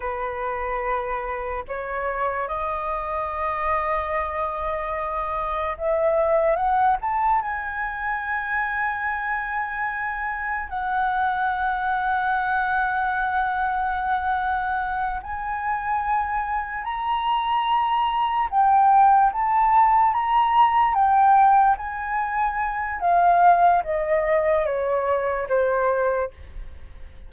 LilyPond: \new Staff \with { instrumentName = "flute" } { \time 4/4 \tempo 4 = 73 b'2 cis''4 dis''4~ | dis''2. e''4 | fis''8 a''8 gis''2.~ | gis''4 fis''2.~ |
fis''2~ fis''8 gis''4.~ | gis''8 ais''2 g''4 a''8~ | a''8 ais''4 g''4 gis''4. | f''4 dis''4 cis''4 c''4 | }